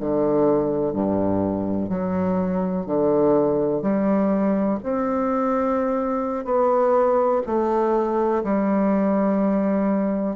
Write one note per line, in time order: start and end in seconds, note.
0.00 0.93 D3
0.93 1.90 G2
1.90 2.86 F#3
2.86 3.82 D3
3.82 4.79 G3
4.83 6.45 C4
6.45 7.42 B3
7.46 8.43 A3
8.44 10.36 G3